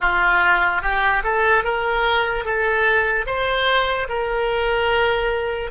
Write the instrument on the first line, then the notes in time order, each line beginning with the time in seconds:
oboe
0.00 F4
0.82 G4
1.23 A4
1.64 A#4
2.44 A4
3.26 C5
4.08 A#4